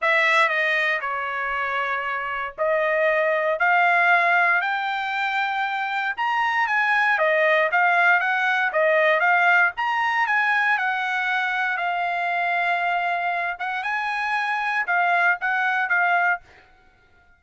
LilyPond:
\new Staff \with { instrumentName = "trumpet" } { \time 4/4 \tempo 4 = 117 e''4 dis''4 cis''2~ | cis''4 dis''2 f''4~ | f''4 g''2. | ais''4 gis''4 dis''4 f''4 |
fis''4 dis''4 f''4 ais''4 | gis''4 fis''2 f''4~ | f''2~ f''8 fis''8 gis''4~ | gis''4 f''4 fis''4 f''4 | }